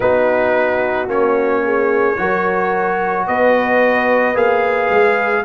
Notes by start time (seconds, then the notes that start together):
0.00 B3 D#4 F#4 B4
1.07 A#3 C#4 C#5
1.64 G#4
2.16 F#3 F#4 A#4
3.27 B3 B4 D#5
4.34 A#3 G#4 F5
4.89 G#3